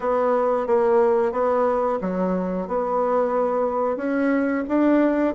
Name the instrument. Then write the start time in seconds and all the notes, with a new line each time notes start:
bassoon
0.00 B3
0.67 A#3
1.32 B3
2.01 F#3
2.67 B3
3.97 C#4
4.68 D4